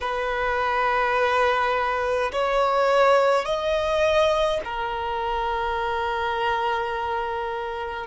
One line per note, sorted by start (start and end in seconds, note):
0.01 2.31 B4
2.32 3.45 C#5
3.45 4.60 D#5
4.64 8.07 A#4